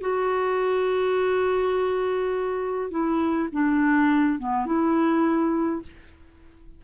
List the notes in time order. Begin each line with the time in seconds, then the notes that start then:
0.00 F#4
2.90 E4
3.52 D4
4.39 B3
4.65 E4